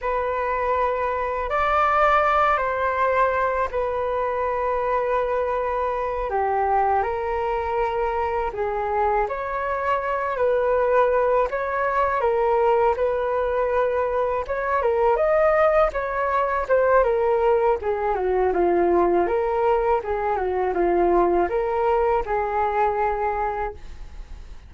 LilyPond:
\new Staff \with { instrumentName = "flute" } { \time 4/4 \tempo 4 = 81 b'2 d''4. c''8~ | c''4 b'2.~ | b'8 g'4 ais'2 gis'8~ | gis'8 cis''4. b'4. cis''8~ |
cis''8 ais'4 b'2 cis''8 | ais'8 dis''4 cis''4 c''8 ais'4 | gis'8 fis'8 f'4 ais'4 gis'8 fis'8 | f'4 ais'4 gis'2 | }